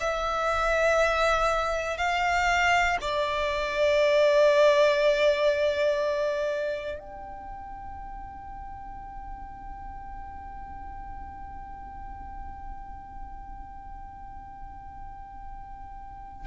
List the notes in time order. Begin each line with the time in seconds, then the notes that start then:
0.00 E5
1.97 F5
3.01 D5
6.99 G5